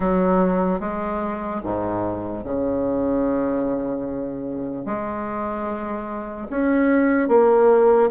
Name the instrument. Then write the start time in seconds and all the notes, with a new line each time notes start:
bassoon
0.00 F#3
0.80 G#3
1.63 G#2
2.44 C#3
4.85 G#3
6.50 C#4
7.28 A#3